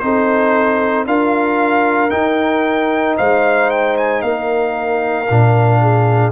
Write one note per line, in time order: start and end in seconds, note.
0.00 1.06 C4
0.00 1.07 D#4
0.00 1.08 A4
0.00 1.05 C5
1.06 2.11 D4
1.06 2.10 F4
1.06 3.18 A#4
1.06 2.11 F5
2.10 5.26 D#4
2.10 3.18 D#4
2.10 3.16 G5
3.18 4.23 G#3
3.18 4.23 C5
3.18 3.71 F5
3.71 3.97 G5
3.97 4.22 G#5
4.22 5.28 A#3
4.22 5.82 A#4
4.22 6.32 F5
5.30 6.32 A#2
5.30 6.32 D4
5.82 6.32 G#4